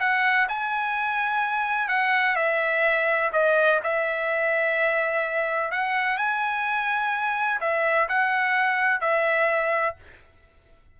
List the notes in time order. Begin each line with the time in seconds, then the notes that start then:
0.00 F#5
0.49 G#5
1.89 F#5
2.36 E5
3.33 D#5
3.83 E5
5.71 F#5
6.17 G#5
7.61 E5
8.09 F#5
9.01 E5